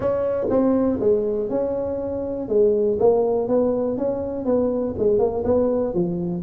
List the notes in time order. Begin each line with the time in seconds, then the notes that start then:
0.00 C#4
0.49 C4
1.00 G#3
1.49 C#4
2.48 G#3
2.99 A#3
3.47 B3
3.97 C#4
4.45 B3
4.98 G#3
5.18 A#3
5.44 B3
5.94 F3